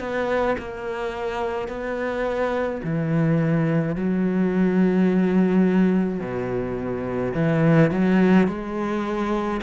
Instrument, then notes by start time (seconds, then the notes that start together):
cello
0.00 B3
0.59 A#3
1.68 B3
2.84 E3
3.96 F#3
6.20 B2
7.34 E3
7.91 F#3
8.48 G#3